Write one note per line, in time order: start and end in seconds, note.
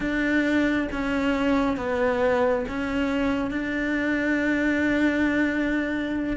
0.00 0.88 D4
0.92 1.76 C#4
1.76 2.65 B3
2.68 3.51 C#4
3.51 6.36 D4